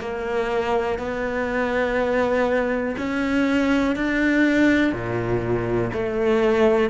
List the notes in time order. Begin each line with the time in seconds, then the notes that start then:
0.00 A#3
0.98 B3
2.98 C#4
3.95 D4
4.92 A#2
5.92 A3